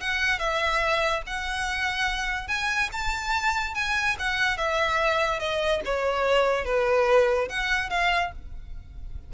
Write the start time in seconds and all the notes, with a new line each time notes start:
0.00 F#5
0.39 E5
1.26 F#5
2.48 G#5
2.92 A5
3.74 G#5
4.19 F#5
4.57 E5
5.39 D#5
5.85 C#5
6.65 B4
7.49 F#5
7.90 F5